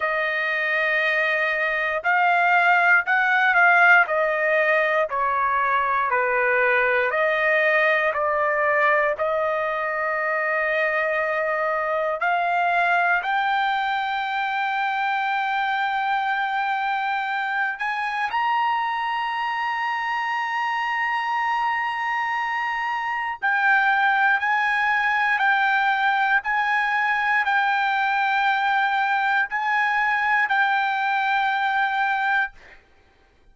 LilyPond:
\new Staff \with { instrumentName = "trumpet" } { \time 4/4 \tempo 4 = 59 dis''2 f''4 fis''8 f''8 | dis''4 cis''4 b'4 dis''4 | d''4 dis''2. | f''4 g''2.~ |
g''4. gis''8 ais''2~ | ais''2. g''4 | gis''4 g''4 gis''4 g''4~ | g''4 gis''4 g''2 | }